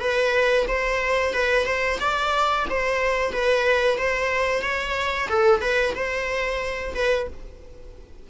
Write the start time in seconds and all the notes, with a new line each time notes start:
0.00 B4
0.68 C5
1.33 B4
1.66 C5
2.00 D5
2.69 C5
3.33 B4
3.97 C5
4.62 C#5
5.29 A4
5.61 B4
5.95 C5
6.94 B4